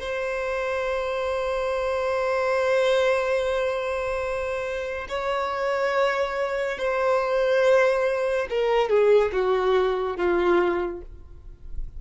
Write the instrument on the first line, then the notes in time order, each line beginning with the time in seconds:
violin
0.00 C5
5.09 C#5
6.78 C5
8.50 A#4
8.89 G#4
9.32 F#4
10.16 F4